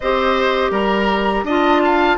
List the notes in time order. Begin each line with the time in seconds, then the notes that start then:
0.00 C4 G4 C5 D#5
0.70 G3 A#4 A#5
1.43 D4 F4 D#5 A5
1.84 F5